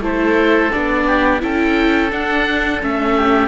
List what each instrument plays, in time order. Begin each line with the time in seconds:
0.00 cello A3, viola E4, oboe A4 C5
0.72 cello B3, viola D4, oboe D5
1.07 oboe G4
1.40 cello C#4, viola E4, oboe A4 G5
2.11 viola D4, cello D4, oboe F#5
2.81 cello A3, viola C#4, oboe E5
3.16 oboe G4